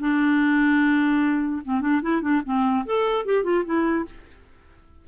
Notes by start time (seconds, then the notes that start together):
0.00 D4
1.65 C4
1.81 D4
2.02 E4
2.22 D4
2.45 C4
2.86 A4
3.25 G4
3.44 F4
3.65 E4